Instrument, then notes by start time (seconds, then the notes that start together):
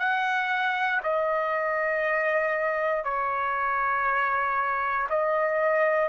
trumpet
0.00 F#5
1.04 D#5
3.05 C#5
5.10 D#5